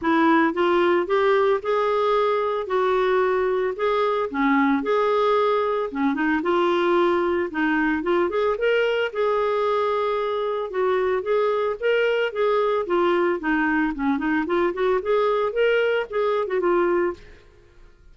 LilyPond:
\new Staff \with { instrumentName = "clarinet" } { \time 4/4 \tempo 4 = 112 e'4 f'4 g'4 gis'4~ | gis'4 fis'2 gis'4 | cis'4 gis'2 cis'8 dis'8 | f'2 dis'4 f'8 gis'8 |
ais'4 gis'2. | fis'4 gis'4 ais'4 gis'4 | f'4 dis'4 cis'8 dis'8 f'8 fis'8 | gis'4 ais'4 gis'8. fis'16 f'4 | }